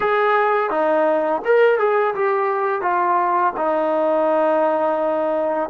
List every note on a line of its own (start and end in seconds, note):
0.00 0.70 G#4
0.70 1.42 D#4
1.44 1.79 A#4
1.79 2.14 G#4
2.15 2.81 G4
2.81 3.53 F4
3.56 5.69 D#4